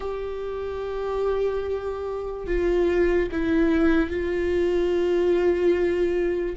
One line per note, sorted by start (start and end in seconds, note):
0.00 2.46 G4
2.47 3.29 F4
3.31 4.09 E4
4.09 6.56 F4